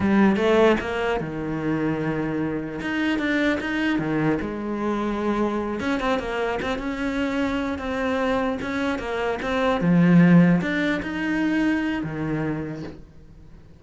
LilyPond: \new Staff \with { instrumentName = "cello" } { \time 4/4 \tempo 4 = 150 g4 a4 ais4 dis4~ | dis2. dis'4 | d'4 dis'4 dis4 gis4~ | gis2~ gis8 cis'8 c'8 ais8~ |
ais8 c'8 cis'2~ cis'8 c'8~ | c'4. cis'4 ais4 c'8~ | c'8 f2 d'4 dis'8~ | dis'2 dis2 | }